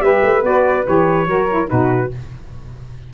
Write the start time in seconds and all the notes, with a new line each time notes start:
0.00 G3 G4 B4 E5
0.23 A3
0.43 B3 F#4 D5
0.86 E3 G4 C#5
1.27 F#3 F#4 A#4
1.50 E4
1.68 B2 D#4 F#4 B4